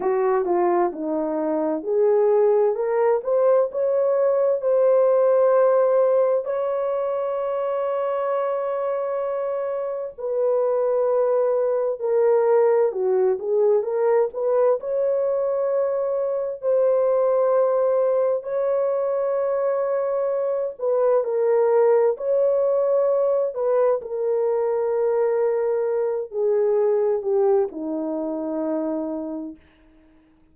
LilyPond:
\new Staff \with { instrumentName = "horn" } { \time 4/4 \tempo 4 = 65 fis'8 f'8 dis'4 gis'4 ais'8 c''8 | cis''4 c''2 cis''4~ | cis''2. b'4~ | b'4 ais'4 fis'8 gis'8 ais'8 b'8 |
cis''2 c''2 | cis''2~ cis''8 b'8 ais'4 | cis''4. b'8 ais'2~ | ais'8 gis'4 g'8 dis'2 | }